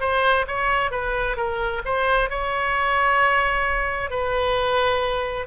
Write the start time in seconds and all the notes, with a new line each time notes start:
0.00 C5
0.47 C#5
0.90 B4
1.36 A#4
1.85 C5
2.29 C#5
4.10 B4